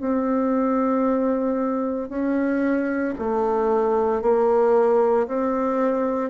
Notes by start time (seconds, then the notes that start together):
0.00 C4
2.09 C#4
3.19 A3
4.22 A#3
5.27 C4